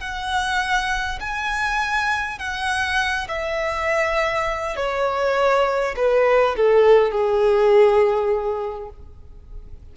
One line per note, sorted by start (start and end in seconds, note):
0.00 1.19 F#5
1.20 2.38 G#5
2.38 3.27 F#5
3.28 4.76 E5
4.76 5.95 C#5
5.96 6.55 B4
6.56 7.11 A4
7.11 8.89 G#4